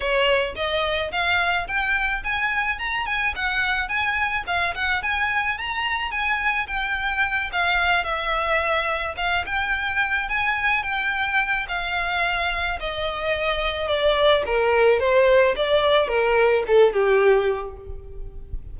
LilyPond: \new Staff \with { instrumentName = "violin" } { \time 4/4 \tempo 4 = 108 cis''4 dis''4 f''4 g''4 | gis''4 ais''8 gis''8 fis''4 gis''4 | f''8 fis''8 gis''4 ais''4 gis''4 | g''4. f''4 e''4.~ |
e''8 f''8 g''4. gis''4 g''8~ | g''4 f''2 dis''4~ | dis''4 d''4 ais'4 c''4 | d''4 ais'4 a'8 g'4. | }